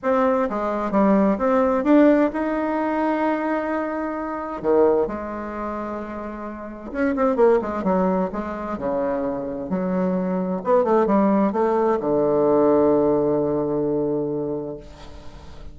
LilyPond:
\new Staff \with { instrumentName = "bassoon" } { \time 4/4 \tempo 4 = 130 c'4 gis4 g4 c'4 | d'4 dis'2.~ | dis'2 dis4 gis4~ | gis2. cis'8 c'8 |
ais8 gis8 fis4 gis4 cis4~ | cis4 fis2 b8 a8 | g4 a4 d2~ | d1 | }